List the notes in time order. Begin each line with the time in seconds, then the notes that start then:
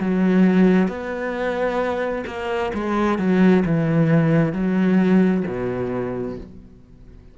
0.00 F#3
0.88 B3
2.26 A#3
2.74 G#3
3.18 F#3
3.65 E3
4.52 F#3
5.46 B2